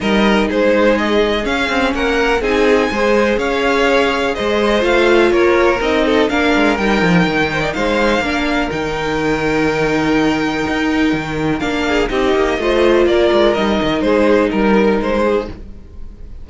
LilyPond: <<
  \new Staff \with { instrumentName = "violin" } { \time 4/4 \tempo 4 = 124 dis''4 c''4 dis''4 f''4 | fis''4 gis''2 f''4~ | f''4 dis''4 f''4 cis''4 | dis''4 f''4 g''2 |
f''2 g''2~ | g''1 | f''4 dis''2 d''4 | dis''4 c''4 ais'4 c''4 | }
  \new Staff \with { instrumentName = "violin" } { \time 4/4 ais'4 gis'2. | ais'4 gis'4 c''4 cis''4~ | cis''4 c''2 ais'4~ | ais'8 a'8 ais'2~ ais'8 c''16 d''16 |
c''4 ais'2.~ | ais'1~ | ais'8 gis'8 g'4 c''4 ais'4~ | ais'4 gis'4 ais'4. gis'8 | }
  \new Staff \with { instrumentName = "viola" } { \time 4/4 dis'2. cis'4~ | cis'4 dis'4 gis'2~ | gis'2 f'2 | dis'4 d'4 dis'2~ |
dis'4 d'4 dis'2~ | dis'1 | d'4 dis'4 f'2 | dis'1 | }
  \new Staff \with { instrumentName = "cello" } { \time 4/4 g4 gis2 cis'8 c'8 | ais4 c'4 gis4 cis'4~ | cis'4 gis4 a4 ais4 | c'4 ais8 gis8 g8 f8 dis4 |
gis4 ais4 dis2~ | dis2 dis'4 dis4 | ais4 c'8 ais8 a4 ais8 gis8 | g8 dis8 gis4 g4 gis4 | }
>>